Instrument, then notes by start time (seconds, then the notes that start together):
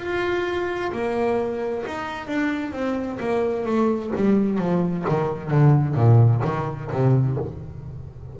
double bass
0.00 F4
0.93 A#3
1.87 D#4
2.27 D4
2.73 C4
3.20 A#3
3.66 A3
4.16 G3
4.59 F3
5.09 D#3
5.51 D3
5.95 A#2
6.45 D#3
6.91 C3